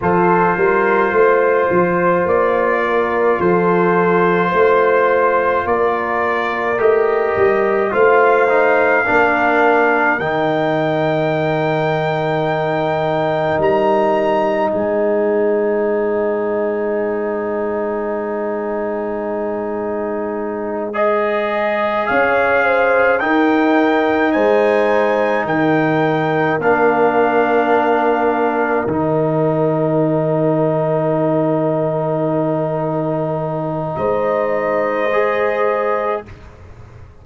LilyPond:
<<
  \new Staff \with { instrumentName = "trumpet" } { \time 4/4 \tempo 4 = 53 c''2 d''4 c''4~ | c''4 d''4 dis''4 f''4~ | f''4 g''2. | ais''4 gis''2.~ |
gis''2~ gis''8 dis''4 f''8~ | f''8 g''4 gis''4 g''4 f''8~ | f''4. g''2~ g''8~ | g''2 dis''2 | }
  \new Staff \with { instrumentName = "horn" } { \time 4/4 a'8 ais'8 c''4. ais'8 a'4 | c''4 ais'2 c''4 | ais'1~ | ais'4 c''2.~ |
c''2.~ c''8 cis''8 | c''8 ais'4 c''4 ais'4.~ | ais'1~ | ais'2 c''2 | }
  \new Staff \with { instrumentName = "trombone" } { \time 4/4 f'1~ | f'2 g'4 f'8 dis'8 | d'4 dis'2.~ | dis'1~ |
dis'2~ dis'8 gis'4.~ | gis'8 dis'2. d'8~ | d'4. dis'2~ dis'8~ | dis'2. gis'4 | }
  \new Staff \with { instrumentName = "tuba" } { \time 4/4 f8 g8 a8 f8 ais4 f4 | a4 ais4 a8 g8 a4 | ais4 dis2. | g4 gis2.~ |
gis2.~ gis8 cis'8~ | cis'8 dis'4 gis4 dis4 ais8~ | ais4. dis2~ dis8~ | dis2 gis2 | }
>>